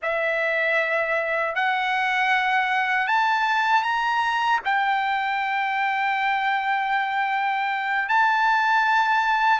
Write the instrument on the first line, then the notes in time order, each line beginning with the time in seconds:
trumpet
0.02 E5
1.55 F#5
3.07 A5
3.83 A#5
4.65 G5
8.08 A5